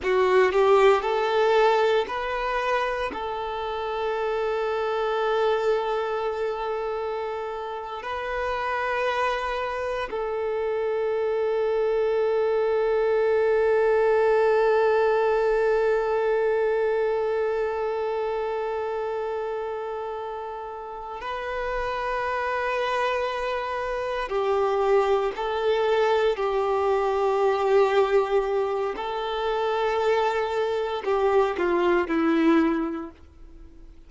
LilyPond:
\new Staff \with { instrumentName = "violin" } { \time 4/4 \tempo 4 = 58 fis'8 g'8 a'4 b'4 a'4~ | a'2.~ a'8. b'16~ | b'4.~ b'16 a'2~ a'16~ | a'1~ |
a'1~ | a'8 b'2. g'8~ | g'8 a'4 g'2~ g'8 | a'2 g'8 f'8 e'4 | }